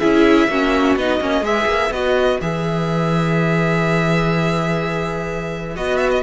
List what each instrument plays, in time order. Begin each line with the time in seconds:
0.00 cello C#4, viola E4, violin G#4 E5
0.48 cello A#3, viola C#4, violin F#4
0.97 cello B3, viola D#4, violin D#5
1.21 cello A#3, viola C#4
1.41 cello G#3, viola G#4, violin B4 E5
1.66 cello A#3
1.91 cello B3, viola F#4, violin D#5
2.42 cello E3, viola G#4, violin E5
5.76 cello B3, viola F#4, violin D#5
5.98 violin E5
6.11 violin D#5